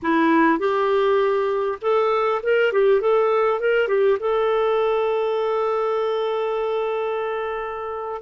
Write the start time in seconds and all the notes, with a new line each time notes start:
0.02 E4
0.58 G4
1.81 A4
2.42 A#4
2.72 G4
3.00 A4
3.60 A#4
3.88 G4
4.19 A4